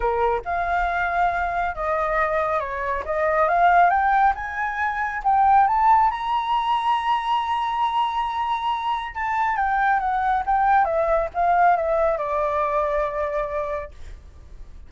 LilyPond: \new Staff \with { instrumentName = "flute" } { \time 4/4 \tempo 4 = 138 ais'4 f''2. | dis''2 cis''4 dis''4 | f''4 g''4 gis''2 | g''4 a''4 ais''2~ |
ais''1~ | ais''4 a''4 g''4 fis''4 | g''4 e''4 f''4 e''4 | d''1 | }